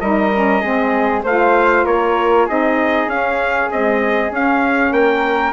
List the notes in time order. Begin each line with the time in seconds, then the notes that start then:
0.00 G3 D#4 A#4 D#5
0.34 C#4
0.61 G#3 C4 G#4
1.23 A3 F4 C5 F5
1.85 A#3 A#4 C#5
2.46 C4 D#4 G#4 D#5
3.07 C#4 F5
3.71 G#3 C4 D#5
4.30 C#4 F5
4.91 A#3 A#4 G5